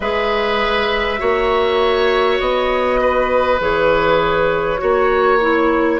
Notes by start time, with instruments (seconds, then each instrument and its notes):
0.00 bassoon G#3, clarinet G#4, oboe B4, flute E5
1.18 bassoon A#3, clarinet F#4, oboe C#5
2.39 bassoon B3, flute D#5
3.00 oboe B4
3.60 bassoon E3, clarinet G#4, flute C#5
4.78 bassoon A#3, clarinet F#4, oboe C#5
5.41 clarinet E4